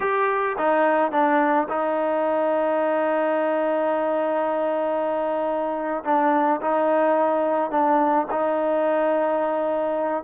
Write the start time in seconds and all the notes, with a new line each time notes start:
0.00 G4
0.58 D#4
1.11 D4
1.68 D#4
6.04 D4
6.61 D#4
7.71 D4
8.30 D#4